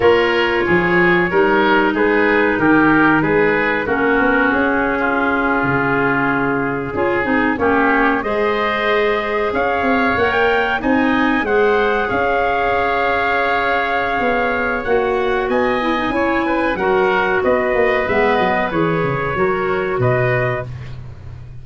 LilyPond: <<
  \new Staff \with { instrumentName = "trumpet" } { \time 4/4 \tempo 4 = 93 cis''2. b'4 | ais'4 b'4 ais'4 gis'4~ | gis'2.~ gis'8. cis''16~ | cis''8. dis''2 f''4 fis''16 |
g''8. gis''4 fis''4 f''4~ f''16~ | f''2. fis''4 | gis''2 fis''4 dis''4 | e''8 dis''8 cis''2 dis''4 | }
  \new Staff \with { instrumentName = "oboe" } { \time 4/4 ais'4 gis'4 ais'4 gis'4 | g'4 gis'4 fis'4.~ fis'16 f'16~ | f'2~ f'8. gis'4 g'16~ | g'8. c''2 cis''4~ cis''16~ |
cis''8. dis''4 c''4 cis''4~ cis''16~ | cis''1 | dis''4 cis''8 b'8 ais'4 b'4~ | b'2 ais'4 b'4 | }
  \new Staff \with { instrumentName = "clarinet" } { \time 4/4 f'2 dis'2~ | dis'2 cis'2~ | cis'2~ cis'8. f'8 dis'8 cis'16~ | cis'8. gis'2. ais'16~ |
ais'8. dis'4 gis'2~ gis'16~ | gis'2. fis'4~ | fis'8 e'16 dis'16 e'4 fis'2 | b4 gis'4 fis'2 | }
  \new Staff \with { instrumentName = "tuba" } { \time 4/4 ais4 f4 g4 gis4 | dis4 gis4 ais8 b8 cis'4~ | cis'8. cis2 cis'8 c'8 ais16~ | ais8. gis2 cis'8 c'8 ais16~ |
ais8. c'4 gis4 cis'4~ cis'16~ | cis'2 b4 ais4 | b4 cis'4 fis4 b8 ais8 | gis8 fis8 e8 cis8 fis4 b,4 | }
>>